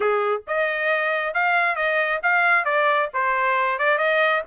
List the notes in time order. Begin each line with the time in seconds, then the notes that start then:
0.00 G#4
0.47 D#5
1.34 F5
1.75 D#5
2.23 F5
2.64 D5
3.13 C5
3.78 D5
3.98 D#5